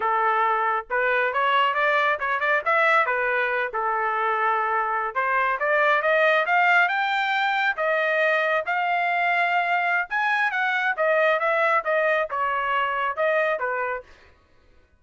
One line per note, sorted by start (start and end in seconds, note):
0.00 0.85 A4
0.89 1.33 B4
1.33 1.74 C#5
1.74 2.17 D5
2.19 2.40 C#5
2.40 2.62 D5
2.65 3.06 E5
3.06 3.71 B4
3.73 5.14 A4
5.14 5.58 C5
5.59 6.01 D5
6.01 6.45 D#5
6.46 6.88 F5
6.88 7.75 G5
7.76 8.64 D#5
8.65 10.08 F5
10.09 10.51 G#5
10.51 10.95 F#5
10.96 11.39 D#5
11.39 11.83 E5
11.84 12.28 D#5
12.30 13.16 C#5
13.16 13.59 D#5
13.59 14.03 B4